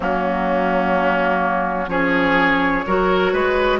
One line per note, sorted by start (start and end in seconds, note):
0.00 1.87 F#3
0.00 1.88 A#3
0.00 1.89 C#4
0.00 1.89 F#4
1.87 2.83 F3
1.87 2.84 C#4
1.87 2.85 G#4
1.87 3.79 C#5
2.87 3.33 F#3
2.87 3.79 F#4
2.87 3.32 A#4
3.32 3.79 G#3
3.32 3.79 B4